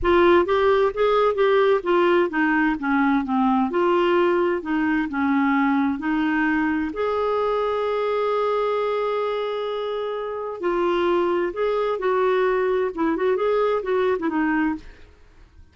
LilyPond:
\new Staff \with { instrumentName = "clarinet" } { \time 4/4 \tempo 4 = 130 f'4 g'4 gis'4 g'4 | f'4 dis'4 cis'4 c'4 | f'2 dis'4 cis'4~ | cis'4 dis'2 gis'4~ |
gis'1~ | gis'2. f'4~ | f'4 gis'4 fis'2 | e'8 fis'8 gis'4 fis'8. e'16 dis'4 | }